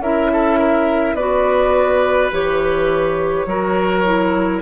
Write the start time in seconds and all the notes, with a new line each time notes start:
0.00 C#4 E4 A#4 E5
0.33 A4
0.59 A#4
1.14 B3 F#4 B4 D5
2.32 E3 G4 C#5
3.46 F#3 F#4 A#4
4.05 E4